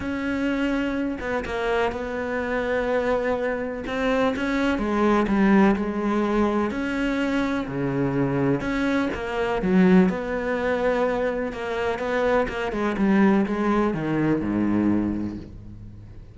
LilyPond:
\new Staff \with { instrumentName = "cello" } { \time 4/4 \tempo 4 = 125 cis'2~ cis'8 b8 ais4 | b1 | c'4 cis'4 gis4 g4 | gis2 cis'2 |
cis2 cis'4 ais4 | fis4 b2. | ais4 b4 ais8 gis8 g4 | gis4 dis4 gis,2 | }